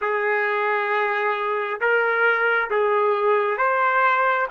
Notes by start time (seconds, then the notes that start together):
0.01 G#4
1.80 A#4
2.70 G#4
3.57 C5